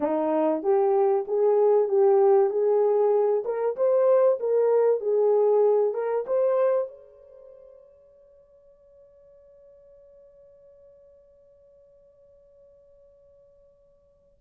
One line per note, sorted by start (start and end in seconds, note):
0.00 0.62 D#4
0.62 1.25 G4
1.27 1.88 G#4
1.88 2.49 G4
2.49 3.43 G#4
3.44 3.76 A#4
3.76 4.38 C5
4.39 5.00 A#4
5.00 5.93 G#4
5.93 6.25 A#4
6.27 6.88 C5
6.88 14.38 C#5